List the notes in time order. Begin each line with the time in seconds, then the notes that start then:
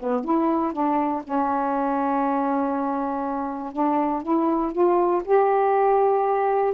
0.00 B3
0.25 E4
0.73 D4
1.24 C#4
3.73 D4
4.23 E4
4.72 F4
5.25 G4